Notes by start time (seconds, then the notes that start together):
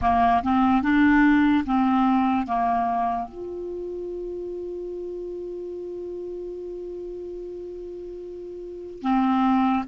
0.01 A#3
0.43 C4
0.82 D4
1.65 C4
2.47 A#3
3.28 F4
9.02 C4